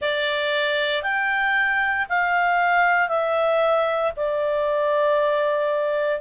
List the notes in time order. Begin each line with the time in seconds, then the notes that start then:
0.01 D5
1.03 G5
2.09 F5
3.08 E5
4.16 D5